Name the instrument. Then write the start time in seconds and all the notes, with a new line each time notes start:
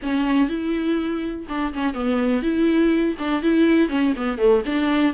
viola
0.02 C#4
0.48 E4
1.48 D4
1.73 C#4
1.94 B3
2.42 E4
3.18 D4
3.42 E4
3.89 C#4
4.16 B3
4.37 A3
4.65 D4